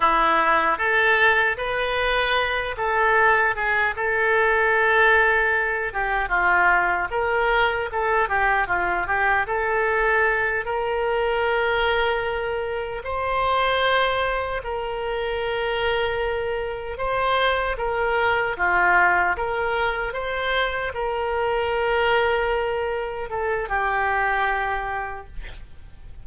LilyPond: \new Staff \with { instrumentName = "oboe" } { \time 4/4 \tempo 4 = 76 e'4 a'4 b'4. a'8~ | a'8 gis'8 a'2~ a'8 g'8 | f'4 ais'4 a'8 g'8 f'8 g'8 | a'4. ais'2~ ais'8~ |
ais'8 c''2 ais'4.~ | ais'4. c''4 ais'4 f'8~ | f'8 ais'4 c''4 ais'4.~ | ais'4. a'8 g'2 | }